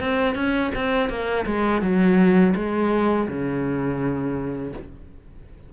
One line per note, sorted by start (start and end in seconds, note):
0.00 0.35 C4
0.35 0.71 C#4
0.75 1.09 C4
1.09 1.46 A#3
1.46 1.82 G#3
1.82 2.54 F#3
2.56 3.28 G#3
3.28 4.73 C#3